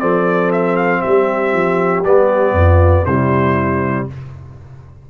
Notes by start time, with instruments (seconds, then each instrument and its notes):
0.00 tuba F3, trombone C4, horn A4, trumpet D5
0.52 trumpet E5
0.76 trumpet F5
1.01 tuba G3, horn G4, trumpet E5
1.53 tuba F3
2.04 tuba G3, trombone B3, trumpet D5
2.52 tuba F2, horn F4
3.05 tuba C3, trombone G3, horn E4, trumpet C5